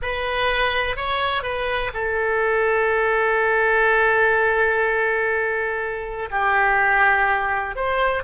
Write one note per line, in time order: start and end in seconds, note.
0.01 0.96 B4
0.96 1.42 C#5
1.42 1.91 B4
1.93 6.29 A4
6.31 7.75 G4
7.75 8.23 C5